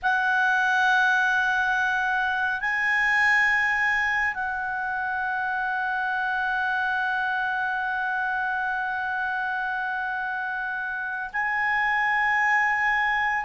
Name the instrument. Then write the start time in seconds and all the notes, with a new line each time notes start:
clarinet
0.02 F#5
2.60 G#5
4.34 F#5
11.32 G#5